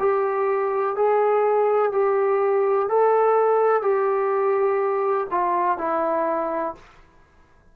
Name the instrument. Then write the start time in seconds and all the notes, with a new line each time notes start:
trombone
0.00 G4
0.97 G#4
1.93 G4
2.89 A4
3.83 G4
5.31 F4
5.79 E4